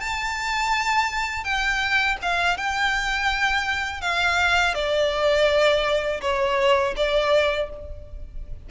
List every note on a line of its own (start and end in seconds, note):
0.00 1.44 A5
1.44 2.18 G5
2.22 2.57 F5
2.57 4.01 G5
4.01 4.74 F5
4.74 6.21 D5
6.21 6.94 C#5
6.96 7.70 D5